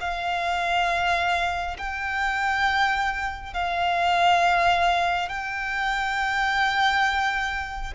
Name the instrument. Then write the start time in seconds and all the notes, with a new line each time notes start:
violin
0.00 F5
1.77 G5
3.53 F5
5.28 G5